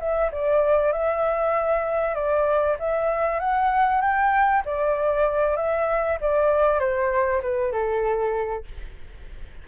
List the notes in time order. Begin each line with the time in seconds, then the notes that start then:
0.00 E5
0.32 D5
0.93 E5
2.15 D5
2.79 E5
3.40 F#5
4.01 G5
4.65 D5
5.57 E5
6.21 D5
6.80 C5
7.42 B4
7.72 A4